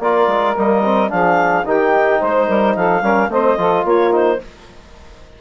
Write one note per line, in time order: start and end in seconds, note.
0.00 0.28 A#3
0.00 0.56 F4
0.00 1.11 A#4
0.00 0.56 D5
0.28 0.55 G#3
0.56 1.12 G3
0.56 0.83 A#3
0.56 1.11 D#5
0.85 1.09 C4
1.09 1.65 F3
1.09 1.64 D4
1.09 1.66 G#4
1.09 1.66 F5
1.65 2.20 D#3
1.65 3.03 D#4
1.65 2.20 G4
1.65 2.24 G5
2.20 2.49 G#3
2.20 2.47 C5
2.20 2.76 C5
2.48 2.76 G3
2.48 2.75 A#4
2.76 3.02 F3
2.76 3.03 A4
2.76 3.31 F5
3.02 3.29 G3
3.02 3.31 C#4
3.02 3.30 A#4
3.29 3.57 A3
3.29 3.58 C4
3.29 3.58 C5
3.29 3.86 D#5
3.58 3.85 F3
3.58 4.12 F4
3.58 3.85 A4
3.85 4.40 A#3
3.85 4.40 F4
3.85 4.14 C#5
4.12 4.39 D#4
4.12 4.42 C5